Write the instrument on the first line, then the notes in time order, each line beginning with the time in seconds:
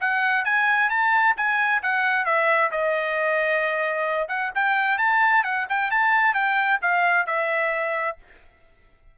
trumpet
0.00 F#5
0.44 G#5
0.89 A5
1.36 G#5
1.82 F#5
2.25 E5
2.71 D#5
4.28 F#5
4.54 G5
4.98 A5
5.43 F#5
5.69 G5
5.90 A5
6.34 G5
6.81 F5
7.26 E5